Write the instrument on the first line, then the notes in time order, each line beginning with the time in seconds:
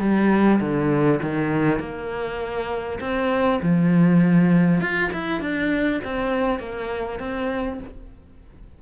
cello
0.00 G3
0.60 D3
1.22 D#3
1.80 A#3
3.00 C4
3.63 F3
4.81 F4
5.13 E4
5.41 D4
6.04 C4
6.59 A#3
7.19 C4